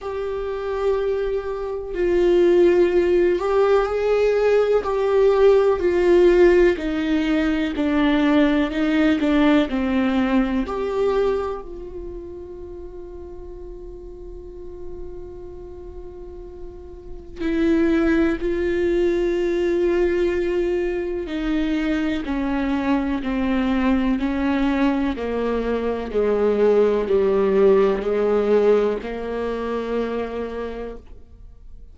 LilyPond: \new Staff \with { instrumentName = "viola" } { \time 4/4 \tempo 4 = 62 g'2 f'4. g'8 | gis'4 g'4 f'4 dis'4 | d'4 dis'8 d'8 c'4 g'4 | f'1~ |
f'2 e'4 f'4~ | f'2 dis'4 cis'4 | c'4 cis'4 ais4 gis4 | g4 gis4 ais2 | }